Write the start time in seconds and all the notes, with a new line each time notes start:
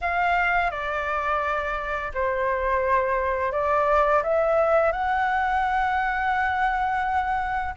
0.01 F5
0.71 D5
2.14 C5
3.52 D5
4.23 E5
4.92 F#5